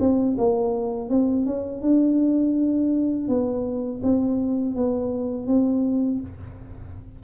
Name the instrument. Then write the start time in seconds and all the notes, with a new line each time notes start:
tuba
0.00 C4
0.38 A#3
1.09 C4
1.46 C#4
1.82 D4
3.28 B3
4.03 C4
4.76 B3
5.47 C4